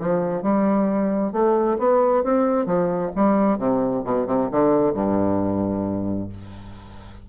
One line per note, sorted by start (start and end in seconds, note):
0.00 0.43 F3
0.43 1.33 G3
1.33 1.78 A3
1.79 2.24 B3
2.24 2.66 C4
2.66 3.11 F3
3.16 3.59 G3
3.59 4.04 C3
4.05 4.27 B2
4.27 4.50 C3
4.52 4.94 D3
4.94 6.29 G2